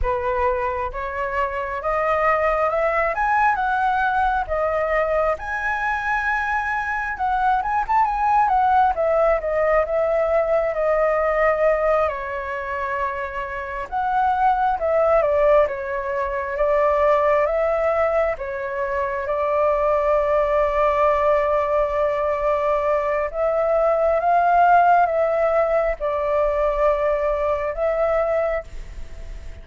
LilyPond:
\new Staff \with { instrumentName = "flute" } { \time 4/4 \tempo 4 = 67 b'4 cis''4 dis''4 e''8 gis''8 | fis''4 dis''4 gis''2 | fis''8 gis''16 a''16 gis''8 fis''8 e''8 dis''8 e''4 | dis''4. cis''2 fis''8~ |
fis''8 e''8 d''8 cis''4 d''4 e''8~ | e''8 cis''4 d''2~ d''8~ | d''2 e''4 f''4 | e''4 d''2 e''4 | }